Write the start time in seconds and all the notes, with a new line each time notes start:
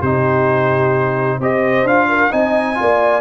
0.00 C3 D#4 G4 C5
1.39 C4 G4 C5 D#5
1.83 D4 F4 F5
2.09 A#4
2.31 C4 D#4 D#5 G#5
2.75 A#3 F4 D5